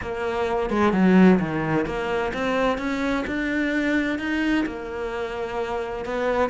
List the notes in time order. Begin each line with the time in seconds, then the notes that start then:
0.01 A#3
0.70 G#3
0.92 F#3
1.39 D#3
1.85 A#3
2.33 C4
2.78 C#4
3.26 D4
4.18 D#4
4.66 A#3
6.05 B3